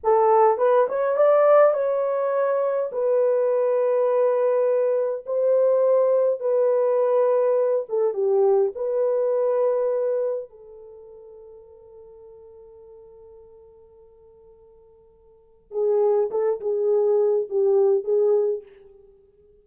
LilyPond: \new Staff \with { instrumentName = "horn" } { \time 4/4 \tempo 4 = 103 a'4 b'8 cis''8 d''4 cis''4~ | cis''4 b'2.~ | b'4 c''2 b'4~ | b'4. a'8 g'4 b'4~ |
b'2 a'2~ | a'1~ | a'2. gis'4 | a'8 gis'4. g'4 gis'4 | }